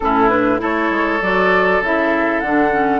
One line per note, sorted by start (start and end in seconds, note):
0.00 0.61 A2
0.00 0.29 C#4
0.00 0.61 E4
0.00 0.29 A4
0.29 0.59 D4
0.29 0.59 B4
0.59 0.90 A3
0.59 1.19 E4
0.59 3.00 A4
0.59 1.22 C#5
0.90 1.20 G#3
1.21 1.81 F#3
1.21 1.82 F#4
1.21 1.83 D5
1.81 2.41 C#3
1.81 2.44 E4
1.81 2.40 E5
2.40 3.00 D3
2.40 2.72 D4
2.40 3.00 F#5
2.72 3.00 C#4